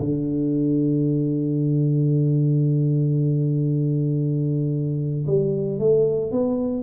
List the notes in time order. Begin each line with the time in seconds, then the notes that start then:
0.00 D3
5.27 G3
5.79 A3
6.32 B3